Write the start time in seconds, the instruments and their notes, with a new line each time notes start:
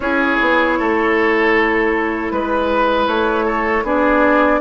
0.00 bassoon C#4, clarinet E4, oboe G#4, flute C#5
0.40 bassoon B3
0.78 bassoon A3, oboe A4
2.31 bassoon G#3, flute B4, oboe B4
3.07 bassoon A3, flute C#5
3.45 oboe A4
3.83 bassoon B3, clarinet D4, oboe G#4, flute D5